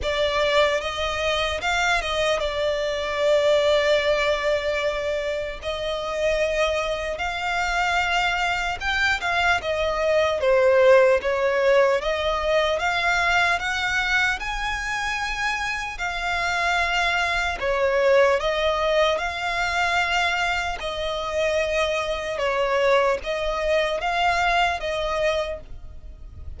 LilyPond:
\new Staff \with { instrumentName = "violin" } { \time 4/4 \tempo 4 = 75 d''4 dis''4 f''8 dis''8 d''4~ | d''2. dis''4~ | dis''4 f''2 g''8 f''8 | dis''4 c''4 cis''4 dis''4 |
f''4 fis''4 gis''2 | f''2 cis''4 dis''4 | f''2 dis''2 | cis''4 dis''4 f''4 dis''4 | }